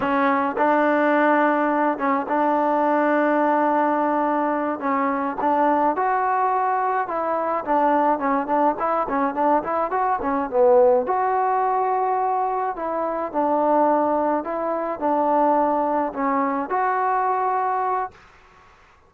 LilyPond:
\new Staff \with { instrumentName = "trombone" } { \time 4/4 \tempo 4 = 106 cis'4 d'2~ d'8 cis'8 | d'1~ | d'8 cis'4 d'4 fis'4.~ | fis'8 e'4 d'4 cis'8 d'8 e'8 |
cis'8 d'8 e'8 fis'8 cis'8 b4 fis'8~ | fis'2~ fis'8 e'4 d'8~ | d'4. e'4 d'4.~ | d'8 cis'4 fis'2~ fis'8 | }